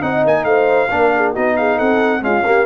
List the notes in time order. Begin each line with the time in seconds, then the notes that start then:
0.00 C4 D#4 D#5 F#5
0.25 A#3 G#5
0.44 A3 C5 F5
0.90 A#3 D4 A#4
1.16 G#4
1.33 B3 D#4 F#4 D#5
1.57 G#4 F5
1.77 C4 A4 F#5
2.21 G#3 C#4 F4 F5
2.46 A#3 G4